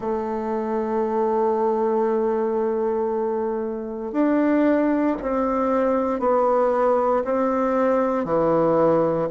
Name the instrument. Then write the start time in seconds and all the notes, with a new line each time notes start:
bassoon
0.00 A3
4.12 D4
5.21 C4
6.19 B3
7.24 C4
8.25 E3